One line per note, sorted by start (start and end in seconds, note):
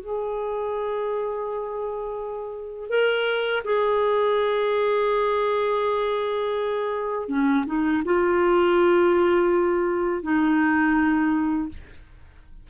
0.00 2.89 G#4
2.89 3.63 A#4
3.64 7.28 G#4
7.28 7.65 C#4
7.66 8.03 D#4
8.05 10.22 F4
10.22 11.69 D#4